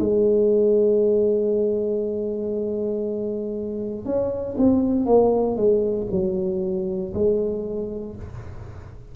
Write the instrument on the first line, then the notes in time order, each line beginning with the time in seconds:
tuba
0.00 G#3
4.06 C#4
4.58 C4
5.06 A#3
5.57 G#3
6.12 F#3
7.14 G#3